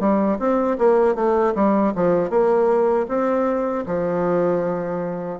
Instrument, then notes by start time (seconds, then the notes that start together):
bassoon
0.00 G3
0.39 C4
0.78 A#3
1.15 A3
1.55 G3
1.95 F3
2.30 A#3
3.08 C4
3.86 F3